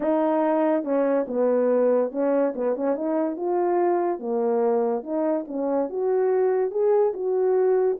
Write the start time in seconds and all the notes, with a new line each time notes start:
0.00 D#4
0.84 C#4
1.27 B3
2.11 C#4
2.55 B3
2.76 C#4
2.95 D#4
3.36 F4
4.19 A#3
5.03 D#4
5.47 C#4
5.89 F#4
6.70 G#4
7.13 F#4